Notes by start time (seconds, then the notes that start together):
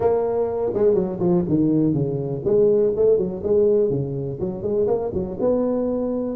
0.00 A#3
0.73 G#3
0.94 F#3
1.19 F3
1.48 D#3
1.93 C#3
2.44 G#3
2.95 A3
3.17 F#3
3.43 G#3
3.89 C#3
4.40 F#3
4.62 G#3
4.87 A#3
5.13 F#3
5.40 B3